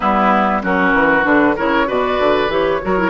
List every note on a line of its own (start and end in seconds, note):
0.00 0.63 G3
0.00 0.62 B3
0.00 0.62 E4
0.00 0.61 B4
0.62 0.93 F#3
0.62 1.23 C#4
0.62 1.56 F#4
0.62 1.24 A#4
0.93 1.24 E3
1.23 1.56 D3
1.23 1.54 D4
1.23 1.56 B4
1.56 1.89 C#3
1.56 1.87 E4
1.56 1.87 A#4
1.56 1.89 C#5
1.87 2.19 B2
1.87 2.49 F#4
1.87 2.81 B4
1.87 2.51 D5
2.19 2.48 D3
2.48 2.79 E3
2.48 2.80 G4
2.48 3.10 C#5
2.82 3.10 F#3
2.82 2.97 F#4
2.82 3.10 A#4
2.97 3.10 E4